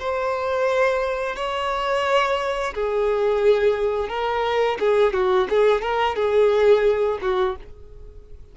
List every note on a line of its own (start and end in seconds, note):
0.00 1.36 C5
1.36 2.74 C#5
2.75 4.09 G#4
4.09 4.78 A#4
4.80 5.14 G#4
5.14 5.48 F#4
5.50 5.82 G#4
5.82 6.16 A#4
6.16 7.19 G#4
7.22 7.57 F#4